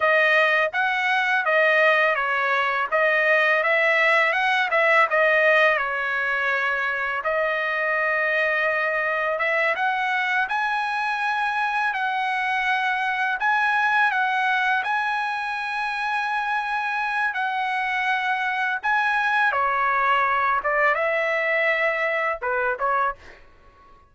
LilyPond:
\new Staff \with { instrumentName = "trumpet" } { \time 4/4 \tempo 4 = 83 dis''4 fis''4 dis''4 cis''4 | dis''4 e''4 fis''8 e''8 dis''4 | cis''2 dis''2~ | dis''4 e''8 fis''4 gis''4.~ |
gis''8 fis''2 gis''4 fis''8~ | fis''8 gis''2.~ gis''8 | fis''2 gis''4 cis''4~ | cis''8 d''8 e''2 b'8 cis''8 | }